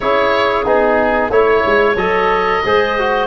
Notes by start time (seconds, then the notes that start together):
0.00 C#4 E4 G#4 C#5
0.65 B3 D#4 G#4
1.29 A3 E4 C#5
1.66 G#3
1.95 F#3 A4 D#5
2.64 G#3 G#4 C5
2.98 F#4